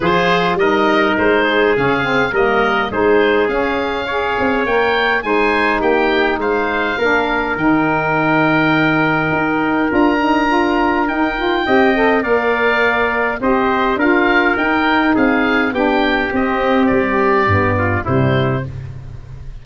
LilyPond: <<
  \new Staff \with { instrumentName = "oboe" } { \time 4/4 \tempo 4 = 103 c''4 dis''4 c''4 f''4 | dis''4 c''4 f''2 | g''4 gis''4 g''4 f''4~ | f''4 g''2.~ |
g''4 ais''2 g''4~ | g''4 f''2 dis''4 | f''4 g''4 f''4 g''4 | dis''4 d''2 c''4 | }
  \new Staff \with { instrumentName = "trumpet" } { \time 4/4 gis'4 ais'4. gis'4. | ais'4 gis'2 cis''4~ | cis''4 c''4 g'4 c''4 | ais'1~ |
ais'1 | dis''4 d''2 c''4 | ais'2 gis'4 g'4~ | g'2~ g'8 f'8 e'4 | }
  \new Staff \with { instrumentName = "saxophone" } { \time 4/4 f'4 dis'2 cis'8 c'8 | ais4 dis'4 cis'4 gis'4 | ais'4 dis'2. | d'4 dis'2.~ |
dis'4 f'8 dis'8 f'4 dis'8 f'8 | g'8 a'8 ais'2 g'4 | f'4 dis'2 d'4 | c'2 b4 g4 | }
  \new Staff \with { instrumentName = "tuba" } { \time 4/4 f4 g4 gis4 cis4 | g4 gis4 cis'4. c'8 | ais4 gis4 ais4 gis4 | ais4 dis2. |
dis'4 d'2 dis'4 | c'4 ais2 c'4 | d'4 dis'4 c'4 b4 | c'4 g4 g,4 c4 | }
>>